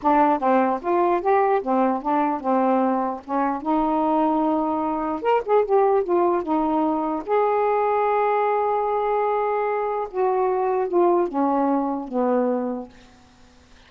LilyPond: \new Staff \with { instrumentName = "saxophone" } { \time 4/4 \tempo 4 = 149 d'4 c'4 f'4 g'4 | c'4 d'4 c'2 | cis'4 dis'2.~ | dis'4 ais'8 gis'8 g'4 f'4 |
dis'2 gis'2~ | gis'1~ | gis'4 fis'2 f'4 | cis'2 b2 | }